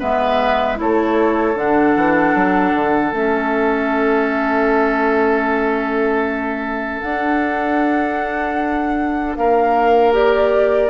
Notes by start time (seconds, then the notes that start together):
0.00 G#3 B3 B4 E5
0.76 A3 E4 A4 C#5
1.56 D3 D4 F#5
1.96 E3
2.35 F#3
2.75 D3
3.12 A3 C#4 E5
7.02 D4 F#5
9.36 A#3 A#4 F5
10.13 G4 D5